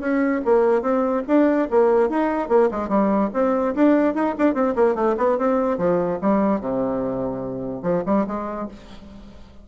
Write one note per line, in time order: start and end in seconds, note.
0.00 0.41 C#4
0.45 0.82 A#3
0.82 1.23 C4
1.27 1.68 D4
1.71 2.09 A#3
2.09 2.49 D#4
2.49 2.69 A#3
2.71 2.89 G#3
2.89 3.30 G3
3.33 3.75 C4
3.75 4.15 D4
4.15 4.35 D#4
4.38 4.54 D4
4.54 4.75 C4
4.76 4.95 A#3
4.95 5.16 A3
5.18 5.38 B3
5.39 5.78 C4
5.78 6.19 F3
6.21 6.61 G3
6.61 7.83 C3
7.83 8.03 F3
8.06 8.26 G3
8.27 8.68 G#3